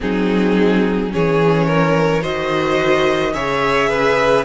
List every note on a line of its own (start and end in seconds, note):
0.00 1.13 F#3
0.00 1.10 C4
0.00 1.12 D#4
0.00 1.12 G#4
1.10 2.23 E3
1.10 2.21 C#4
1.10 1.66 G#4
1.10 2.23 C#5
1.66 2.21 A#4
2.21 3.34 D#3
2.21 3.32 F#4
2.21 3.32 C5
2.21 3.34 D#5
3.34 4.44 C#3
3.34 4.44 G#4
3.34 3.88 C#5
3.34 4.44 E5
3.88 4.44 B4